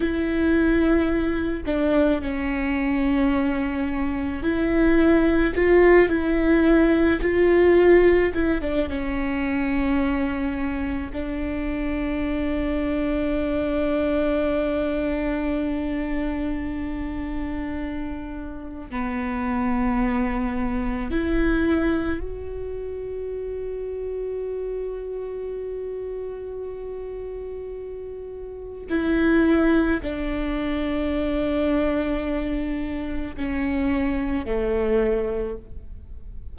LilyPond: \new Staff \with { instrumentName = "viola" } { \time 4/4 \tempo 4 = 54 e'4. d'8 cis'2 | e'4 f'8 e'4 f'4 e'16 d'16 | cis'2 d'2~ | d'1~ |
d'4 b2 e'4 | fis'1~ | fis'2 e'4 d'4~ | d'2 cis'4 a4 | }